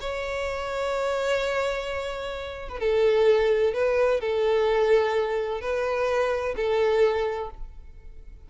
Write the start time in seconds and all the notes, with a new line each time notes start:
0.00 C#5
2.69 B4
2.80 A4
3.74 B4
4.20 A4
5.61 B4
6.56 A4